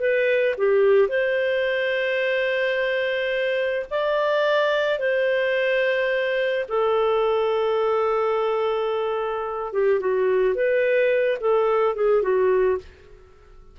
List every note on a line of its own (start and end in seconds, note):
0.00 0.56 B4
0.58 1.09 G4
1.09 3.87 C5
3.91 4.99 D5
4.99 6.66 C5
6.69 9.73 A4
9.73 10.01 G4
10.01 10.55 F#4
10.55 11.38 B4
11.41 11.95 A4
11.95 12.23 G#4
12.23 12.78 F#4